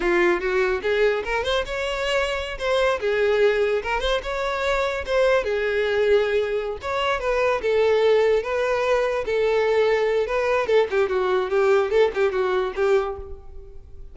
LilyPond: \new Staff \with { instrumentName = "violin" } { \time 4/4 \tempo 4 = 146 f'4 fis'4 gis'4 ais'8 c''8 | cis''2~ cis''16 c''4 gis'8.~ | gis'4~ gis'16 ais'8 c''8 cis''4.~ cis''16~ | cis''16 c''4 gis'2~ gis'8.~ |
gis'8 cis''4 b'4 a'4.~ | a'8 b'2 a'4.~ | a'4 b'4 a'8 g'8 fis'4 | g'4 a'8 g'8 fis'4 g'4 | }